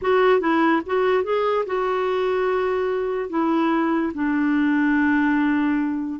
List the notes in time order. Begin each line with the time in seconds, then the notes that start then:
0.01 F#4
0.40 E4
0.86 F#4
1.23 G#4
1.66 F#4
3.29 E4
4.14 D4